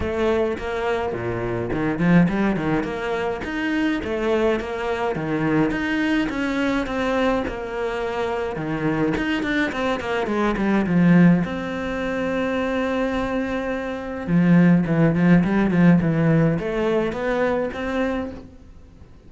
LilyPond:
\new Staff \with { instrumentName = "cello" } { \time 4/4 \tempo 4 = 105 a4 ais4 ais,4 dis8 f8 | g8 dis8 ais4 dis'4 a4 | ais4 dis4 dis'4 cis'4 | c'4 ais2 dis4 |
dis'8 d'8 c'8 ais8 gis8 g8 f4 | c'1~ | c'4 f4 e8 f8 g8 f8 | e4 a4 b4 c'4 | }